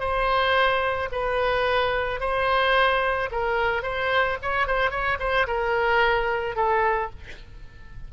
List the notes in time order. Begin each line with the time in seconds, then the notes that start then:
0.00 C5
1.12 B4
2.20 C5
3.31 A#4
3.83 C5
4.42 C#5
4.67 C5
4.91 C#5
5.19 C5
5.47 A#4
6.56 A4